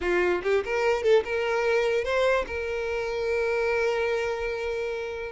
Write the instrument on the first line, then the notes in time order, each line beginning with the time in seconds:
violin
0.01 F4
0.43 G4
0.64 A#4
1.03 A4
1.25 A#4
2.04 C5
2.47 A#4